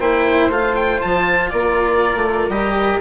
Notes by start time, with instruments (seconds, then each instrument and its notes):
0.00 bassoon A#3, cello E4, flute C5, oboe G5
0.49 bassoon A3, cello F4, oboe F5
0.75 oboe G5
1.01 bassoon F3, oboe A5
1.50 bassoon A#3, flute A#4, oboe D5
2.15 bassoon A3
2.49 bassoon G3, cello G4, oboe D#5